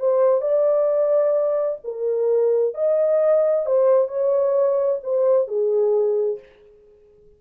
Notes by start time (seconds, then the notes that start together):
0.00 C5
0.42 D5
1.84 A#4
2.75 D#5
3.67 C5
4.08 C#5
5.04 C5
5.48 G#4